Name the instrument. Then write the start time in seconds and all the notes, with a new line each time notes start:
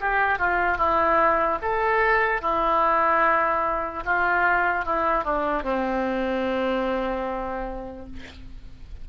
oboe
0.00 G4
0.38 F4
0.77 E4
1.61 A4
2.41 E4
4.05 F4
4.85 E4
5.24 D4
5.62 C4